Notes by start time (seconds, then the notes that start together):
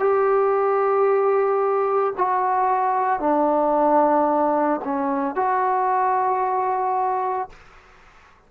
0.00 G4
2.18 F#4
3.20 D4
4.85 C#4
5.36 F#4